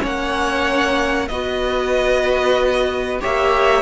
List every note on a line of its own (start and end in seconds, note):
0.00 1.29 A#3
0.00 1.28 C#4
0.00 1.29 C#5
0.00 1.28 F#5
1.28 3.20 B3
1.28 3.21 F#4
1.28 3.21 B4
1.28 3.20 D#5
3.21 3.83 A#3
3.21 3.83 G4
3.21 3.83 C#5
3.21 3.83 E5